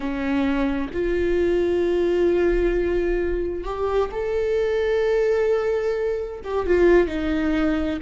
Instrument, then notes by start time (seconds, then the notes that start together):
viola
0.00 C#4
0.93 F4
3.64 G4
4.11 A4
6.44 G4
6.66 F4
7.07 D#4